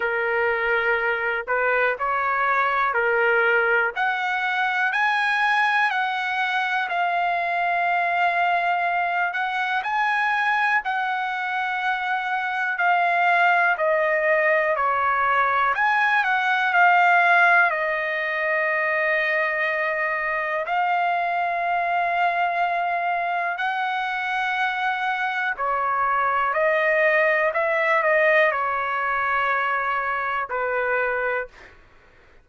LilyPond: \new Staff \with { instrumentName = "trumpet" } { \time 4/4 \tempo 4 = 61 ais'4. b'8 cis''4 ais'4 | fis''4 gis''4 fis''4 f''4~ | f''4. fis''8 gis''4 fis''4~ | fis''4 f''4 dis''4 cis''4 |
gis''8 fis''8 f''4 dis''2~ | dis''4 f''2. | fis''2 cis''4 dis''4 | e''8 dis''8 cis''2 b'4 | }